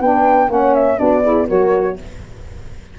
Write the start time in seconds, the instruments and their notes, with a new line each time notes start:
0.00 tuba B3, saxophone D4, horn B4, flute G5
0.48 tuba A#3, saxophone C#4, horn C#5, flute F#5
0.74 flute E5
0.97 tuba B3, saxophone D4, horn F#4, flute D5
1.23 saxophone E4, horn G#4
1.48 tuba F#3, saxophone F#4, horn A#4, flute C#5